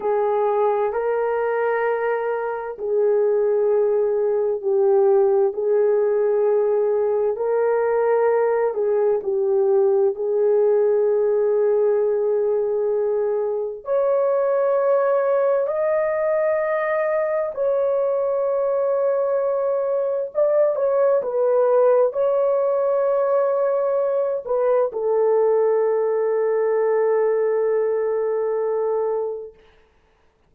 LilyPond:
\new Staff \with { instrumentName = "horn" } { \time 4/4 \tempo 4 = 65 gis'4 ais'2 gis'4~ | gis'4 g'4 gis'2 | ais'4. gis'8 g'4 gis'4~ | gis'2. cis''4~ |
cis''4 dis''2 cis''4~ | cis''2 d''8 cis''8 b'4 | cis''2~ cis''8 b'8 a'4~ | a'1 | }